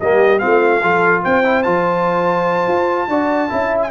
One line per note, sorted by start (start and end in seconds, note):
0.00 0.42 G3
0.00 0.39 A#3
0.00 0.42 G4
0.00 0.39 D#5
0.39 0.80 C4
0.39 0.82 F4
0.39 1.22 F5
0.45 0.83 A3
0.82 1.24 F3
0.82 1.44 F4
0.82 1.23 A4
1.24 1.66 C4
1.24 3.09 C5
1.24 1.63 G5
1.44 1.64 E4
1.63 2.68 F3
1.63 3.09 F4
1.63 3.80 A5
2.68 3.08 F4
3.08 3.50 D4
3.08 3.49 F#4
3.08 3.51 D5
3.49 3.91 C#4
3.49 3.90 E4
3.49 3.91 E5
3.82 3.91 G#5